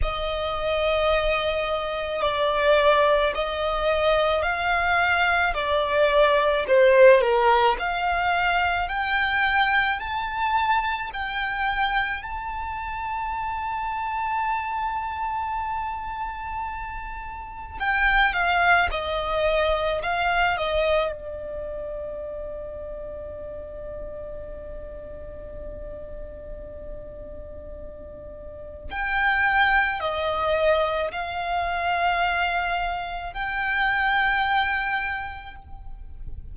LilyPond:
\new Staff \with { instrumentName = "violin" } { \time 4/4 \tempo 4 = 54 dis''2 d''4 dis''4 | f''4 d''4 c''8 ais'8 f''4 | g''4 a''4 g''4 a''4~ | a''1 |
g''8 f''8 dis''4 f''8 dis''8 d''4~ | d''1~ | d''2 g''4 dis''4 | f''2 g''2 | }